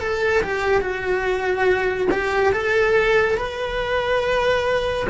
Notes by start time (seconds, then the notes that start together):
0.00 A4
0.43 G4
0.81 F#4
2.11 G4
2.53 A4
3.38 B4